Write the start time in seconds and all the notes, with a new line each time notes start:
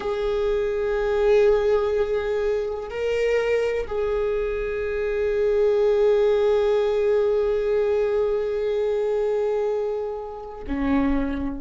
0.00 G#4
2.90 A#4
3.87 G#4
10.67 C#4